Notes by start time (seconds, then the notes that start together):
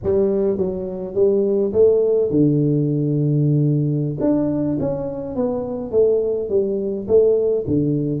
0.03 G3
0.57 F#3
1.14 G3
1.72 A3
2.30 D3
4.20 D4
4.79 C#4
5.35 B3
5.91 A3
6.49 G3
7.07 A3
7.67 D3